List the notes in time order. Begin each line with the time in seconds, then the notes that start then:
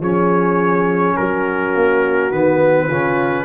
0.00 F3 C#4 G#4 C#5
1.17 F#3 F#4 A#4
1.75 A#3
2.32 D#3 B3 B4
2.86 C#3 C#4 F4